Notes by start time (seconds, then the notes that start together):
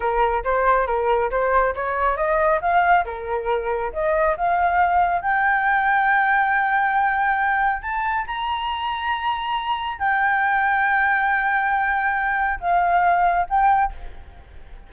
0.00 A#4
0.43 C5
0.87 A#4
1.30 C5
1.75 C#5
2.16 D#5
2.61 F5
3.05 A#4
3.92 D#5
4.36 F5
5.21 G5
7.82 A5
8.26 A#5
9.98 G5
12.59 F5
13.49 G5